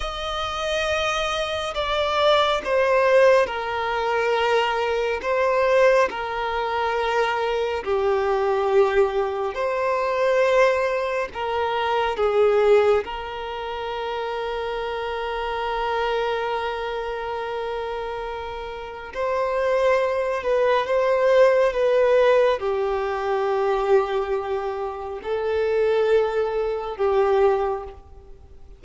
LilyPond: \new Staff \with { instrumentName = "violin" } { \time 4/4 \tempo 4 = 69 dis''2 d''4 c''4 | ais'2 c''4 ais'4~ | ais'4 g'2 c''4~ | c''4 ais'4 gis'4 ais'4~ |
ais'1~ | ais'2 c''4. b'8 | c''4 b'4 g'2~ | g'4 a'2 g'4 | }